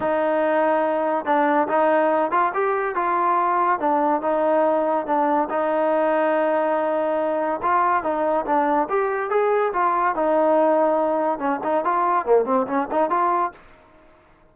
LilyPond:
\new Staff \with { instrumentName = "trombone" } { \time 4/4 \tempo 4 = 142 dis'2. d'4 | dis'4. f'8 g'4 f'4~ | f'4 d'4 dis'2 | d'4 dis'2.~ |
dis'2 f'4 dis'4 | d'4 g'4 gis'4 f'4 | dis'2. cis'8 dis'8 | f'4 ais8 c'8 cis'8 dis'8 f'4 | }